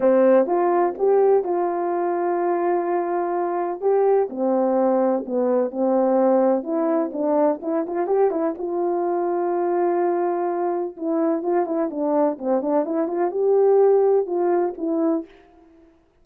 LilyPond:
\new Staff \with { instrumentName = "horn" } { \time 4/4 \tempo 4 = 126 c'4 f'4 g'4 f'4~ | f'1 | g'4 c'2 b4 | c'2 e'4 d'4 |
e'8 f'8 g'8 e'8 f'2~ | f'2. e'4 | f'8 e'8 d'4 c'8 d'8 e'8 f'8 | g'2 f'4 e'4 | }